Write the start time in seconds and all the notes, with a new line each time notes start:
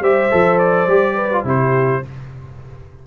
0.00 G3 G4 C5 E5
0.31 F3 A4
0.59 D5
0.87 G3 G4
1.15 B4
1.32 F4
1.44 C3 E4 G4 C5